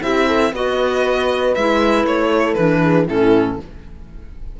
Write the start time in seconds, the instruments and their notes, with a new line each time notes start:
0.00 cello C4, clarinet E4, horn G4, violin E5
0.28 horn A4
0.52 cello B3, clarinet F#4, horn B4, violin D#5
1.55 cello G#3, clarinet E4, violin E5
2.04 cello A3, violin C#5
2.29 horn A4
2.54 cello E3, clarinet D4, violin B4
2.83 horn G#4
3.07 cello A2, clarinet C#4, horn E4, violin A4